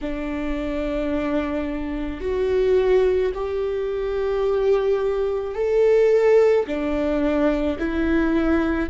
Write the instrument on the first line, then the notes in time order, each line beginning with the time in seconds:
viola
0.01 D4
2.20 F#4
3.34 G4
5.55 A4
6.66 D4
7.78 E4